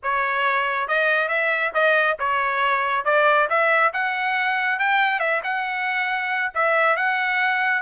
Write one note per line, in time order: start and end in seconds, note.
0.03 0.87 C#5
0.87 1.28 D#5
1.28 1.72 E5
1.74 2.17 D#5
2.19 3.04 C#5
3.04 3.48 D5
3.49 3.92 E5
3.93 4.79 F#5
4.79 5.19 G5
5.19 5.41 E5
5.43 6.52 F#5
6.54 6.96 E5
6.96 7.82 F#5